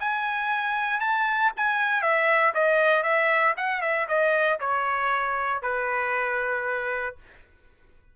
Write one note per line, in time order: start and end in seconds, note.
0.00 1.00 G#5
1.00 1.52 A5
1.57 2.02 G#5
2.02 2.53 E5
2.54 3.03 D#5
3.03 3.54 E5
3.57 3.82 F#5
3.82 4.07 E5
4.08 4.60 D#5
4.60 5.62 C#5
5.62 7.16 B4